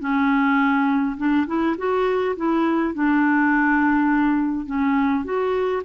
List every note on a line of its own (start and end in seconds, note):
0.00 1.17 C#4
1.17 1.46 D4
1.47 1.76 E4
1.77 2.36 F#4
2.36 2.94 E4
2.94 4.66 D4
4.66 5.24 C#4
5.24 5.82 F#4